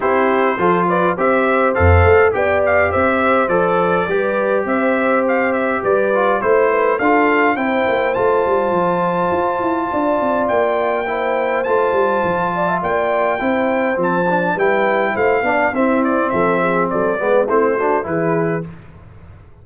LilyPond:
<<
  \new Staff \with { instrumentName = "trumpet" } { \time 4/4 \tempo 4 = 103 c''4. d''8 e''4 f''4 | g''8 f''8 e''4 d''2 | e''4 f''8 e''8 d''4 c''4 | f''4 g''4 a''2~ |
a''2 g''2 | a''2 g''2 | a''4 g''4 f''4 e''8 d''8 | e''4 d''4 c''4 b'4 | }
  \new Staff \with { instrumentName = "horn" } { \time 4/4 g'4 a'8 b'8 c''2 | d''4 c''2 b'4 | c''2 b'4 c''8 b'8 | a'4 c''2.~ |
c''4 d''2 c''4~ | c''4. d''16 e''16 d''4 c''4~ | c''4 b'4 c''8 d''8 e'4 | a'8 gis'8 a'8 b'8 e'8 fis'8 gis'4 | }
  \new Staff \with { instrumentName = "trombone" } { \time 4/4 e'4 f'4 g'4 a'4 | g'2 a'4 g'4~ | g'2~ g'8 f'8 e'4 | f'4 e'4 f'2~ |
f'2. e'4 | f'2. e'4 | c'8 d'8 e'4. d'8 c'4~ | c'4. b8 c'8 d'8 e'4 | }
  \new Staff \with { instrumentName = "tuba" } { \time 4/4 c'4 f4 c'4 f,8 a8 | b4 c'4 f4 g4 | c'2 g4 a4 | d'4 c'8 ais8 a8 g8 f4 |
f'8 e'8 d'8 c'8 ais2 | a8 g8 f4 ais4 c'4 | f4 g4 a8 b8 c'4 | f4 fis8 gis8 a4 e4 | }
>>